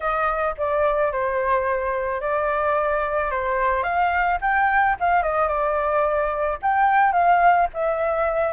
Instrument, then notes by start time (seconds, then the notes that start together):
flute
0.00 D#5
0.57 D5
1.12 C5
2.20 D5
3.30 C5
3.83 F5
4.41 G5
4.99 F5
5.23 D#5
5.48 D5
6.62 G5
7.12 F5
7.73 E5